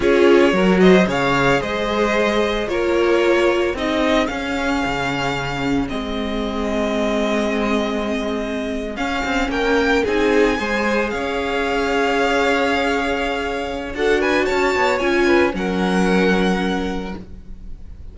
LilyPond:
<<
  \new Staff \with { instrumentName = "violin" } { \time 4/4 \tempo 4 = 112 cis''4. dis''8 f''4 dis''4~ | dis''4 cis''2 dis''4 | f''2. dis''4~ | dis''1~ |
dis''8. f''4 g''4 gis''4~ gis''16~ | gis''8. f''2.~ f''16~ | f''2 fis''8 gis''8 a''4 | gis''4 fis''2. | }
  \new Staff \with { instrumentName = "violin" } { \time 4/4 gis'4 ais'8 c''8 cis''4 c''4~ | c''4 ais'2 gis'4~ | gis'1~ | gis'1~ |
gis'4.~ gis'16 ais'4 gis'4 c''16~ | c''8. cis''2.~ cis''16~ | cis''2 a'8 b'8 cis''4~ | cis''8 b'8 ais'2. | }
  \new Staff \with { instrumentName = "viola" } { \time 4/4 f'4 fis'4 gis'2~ | gis'4 f'2 dis'4 | cis'2. c'4~ | c'1~ |
c'8. cis'2 dis'4 gis'16~ | gis'1~ | gis'2 fis'2 | f'4 cis'2. | }
  \new Staff \with { instrumentName = "cello" } { \time 4/4 cis'4 fis4 cis4 gis4~ | gis4 ais2 c'4 | cis'4 cis2 gis4~ | gis1~ |
gis8. cis'8 c'8 ais4 c'4 gis16~ | gis8. cis'2.~ cis'16~ | cis'2 d'4 cis'8 b8 | cis'4 fis2. | }
>>